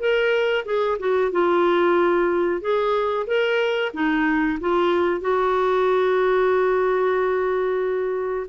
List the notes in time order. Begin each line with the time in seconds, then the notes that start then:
0.00 A#4
0.66 G#4
1.00 F#4
1.32 F4
2.62 G#4
3.28 A#4
3.94 D#4
4.61 F4
5.21 F#4